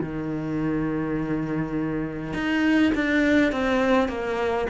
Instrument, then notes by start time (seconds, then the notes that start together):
cello
0.00 D#3
2.34 D#4
2.95 D4
3.52 C4
4.09 A#3